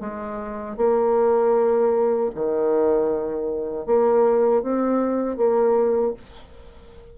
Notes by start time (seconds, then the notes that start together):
0.00 G#3
0.77 A#3
2.35 D#3
3.86 A#3
4.63 C4
5.37 A#3